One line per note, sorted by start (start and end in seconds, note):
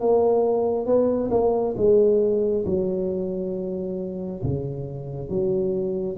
0.00 0.85 A#3
0.85 1.30 B3
1.31 1.75 A#3
1.76 2.65 G#3
2.65 4.42 F#3
4.43 5.29 C#3
5.29 6.17 F#3